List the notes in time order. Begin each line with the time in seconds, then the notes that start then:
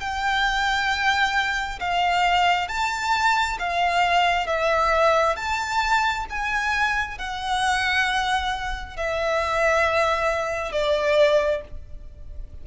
0.00 G5
1.80 F5
2.68 A5
3.59 F5
4.47 E5
5.36 A5
6.30 G#5
7.18 F#5
8.96 E5
10.72 D5